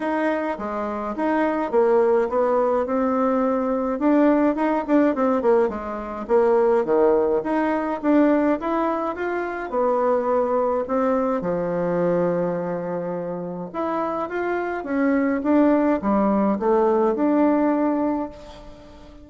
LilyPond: \new Staff \with { instrumentName = "bassoon" } { \time 4/4 \tempo 4 = 105 dis'4 gis4 dis'4 ais4 | b4 c'2 d'4 | dis'8 d'8 c'8 ais8 gis4 ais4 | dis4 dis'4 d'4 e'4 |
f'4 b2 c'4 | f1 | e'4 f'4 cis'4 d'4 | g4 a4 d'2 | }